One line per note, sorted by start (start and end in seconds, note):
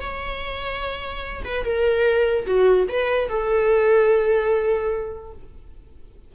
0.00 1.43 C#5
1.44 1.64 B4
1.64 2.46 A#4
2.46 2.87 F#4
2.88 3.28 B4
3.28 5.32 A4